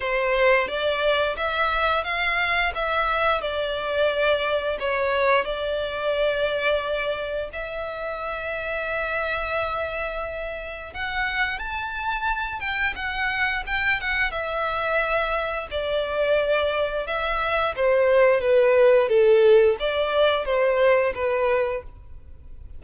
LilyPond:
\new Staff \with { instrumentName = "violin" } { \time 4/4 \tempo 4 = 88 c''4 d''4 e''4 f''4 | e''4 d''2 cis''4 | d''2. e''4~ | e''1 |
fis''4 a''4. g''8 fis''4 | g''8 fis''8 e''2 d''4~ | d''4 e''4 c''4 b'4 | a'4 d''4 c''4 b'4 | }